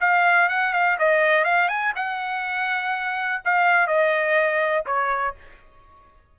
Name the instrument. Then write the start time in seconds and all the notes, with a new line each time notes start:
trumpet
0.00 F5
0.49 F#5
0.73 F5
0.99 D#5
1.44 F5
1.68 G#5
1.95 F#5
3.45 F5
3.87 D#5
4.86 C#5